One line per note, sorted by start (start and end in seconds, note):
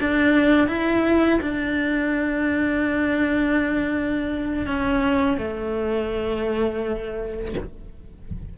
0.00 0.67 D4
0.67 1.40 E4
1.41 4.66 D4
4.66 5.38 C#4
5.38 7.54 A3